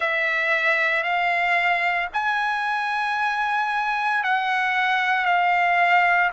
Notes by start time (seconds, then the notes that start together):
0.00 E5
1.03 F5
2.13 G#5
4.23 F#5
5.25 F5